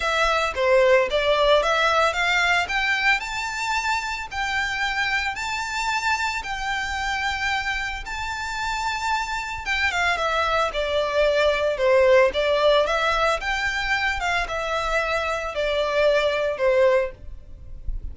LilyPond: \new Staff \with { instrumentName = "violin" } { \time 4/4 \tempo 4 = 112 e''4 c''4 d''4 e''4 | f''4 g''4 a''2 | g''2 a''2 | g''2. a''4~ |
a''2 g''8 f''8 e''4 | d''2 c''4 d''4 | e''4 g''4. f''8 e''4~ | e''4 d''2 c''4 | }